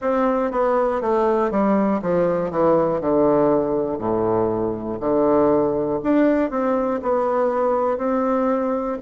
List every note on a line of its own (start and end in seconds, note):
0.01 0.51 C4
0.51 1.00 B3
1.00 1.50 A3
1.50 2.00 G3
2.01 2.50 F3
2.50 3.00 E3
3.00 3.98 D3
3.98 4.98 A2
5.00 6.00 D3
6.03 6.50 D4
6.50 7.00 C4
7.02 7.97 B3
7.97 8.97 C4